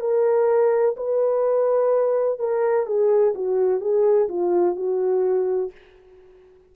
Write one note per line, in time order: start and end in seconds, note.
0.00 0.95 A#4
0.97 2.39 B4
2.39 2.87 A#4
2.87 3.34 G#4
3.35 3.81 F#4
3.81 4.29 G#4
4.29 4.76 F4
4.76 5.71 F#4